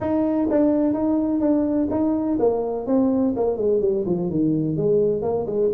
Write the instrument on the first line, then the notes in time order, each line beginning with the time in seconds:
tuba
0.00 D#4
0.50 D4
0.93 D#4
1.40 D4
1.90 D#4
2.39 A#3
2.86 C4
3.35 A#3
3.56 G#3
3.81 G3
4.06 F3
4.30 D#3
4.76 G#3
5.22 A#3
5.46 G#3